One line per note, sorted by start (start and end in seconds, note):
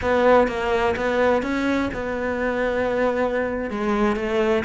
0.01 0.47 B3
0.47 0.95 A#3
0.96 1.42 B3
1.42 1.90 C#4
1.93 3.70 B3
3.70 4.16 G#3
4.16 4.63 A3